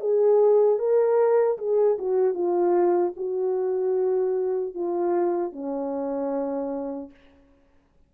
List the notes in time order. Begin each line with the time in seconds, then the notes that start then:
0.00 G#4
0.79 A#4
1.58 G#4
1.98 F#4
2.34 F4
3.16 F#4
4.74 F4
5.52 C#4